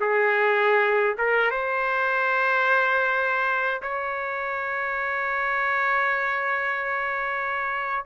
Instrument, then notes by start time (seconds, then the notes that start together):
trumpet
0.00 G#4
1.18 A#4
1.51 C5
3.82 C#5